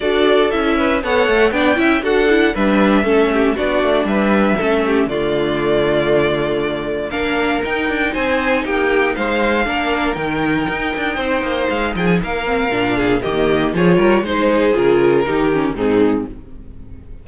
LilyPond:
<<
  \new Staff \with { instrumentName = "violin" } { \time 4/4 \tempo 4 = 118 d''4 e''4 fis''4 g''4 | fis''4 e''2 d''4 | e''2 d''2~ | d''2 f''4 g''4 |
gis''4 g''4 f''2 | g''2. f''8 g''16 gis''16 | f''2 dis''4 cis''4 | c''4 ais'2 gis'4 | }
  \new Staff \with { instrumentName = "violin" } { \time 4/4 a'4. b'8 cis''4 d''8 e''8 | a'4 b'4 a'8 g'8 fis'4 | b'4 a'8 g'8 f'2~ | f'2 ais'2 |
c''4 g'4 c''4 ais'4~ | ais'2 c''4. gis'8 | ais'4. gis'8 g'4 gis'8 ais'8 | c''8 gis'4. g'4 dis'4 | }
  \new Staff \with { instrumentName = "viola" } { \time 4/4 fis'4 e'4 a'4 d'8 e'8 | fis'8 e'8 d'4 cis'4 d'4~ | d'4 cis'4 a2~ | a2 d'4 dis'4~ |
dis'2. d'4 | dis'1~ | dis'8 c'8 d'4 ais4 f'4 | dis'4 f'4 dis'8 cis'8 c'4 | }
  \new Staff \with { instrumentName = "cello" } { \time 4/4 d'4 cis'4 b8 a8 b8 cis'8 | d'4 g4 a4 b8 a8 | g4 a4 d2~ | d2 ais4 dis'8 d'8 |
c'4 ais4 gis4 ais4 | dis4 dis'8 d'8 c'8 ais8 gis8 f8 | ais4 ais,4 dis4 f8 g8 | gis4 cis4 dis4 gis,4 | }
>>